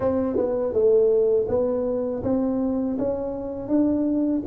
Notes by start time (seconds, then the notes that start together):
0.00 C4
0.36 B3
0.73 A3
1.48 B3
2.23 C4
2.98 C#4
3.68 D4